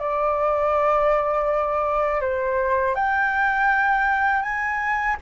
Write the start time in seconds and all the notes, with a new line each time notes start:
0.00 D5
2.21 C5
2.96 G5
4.43 G#5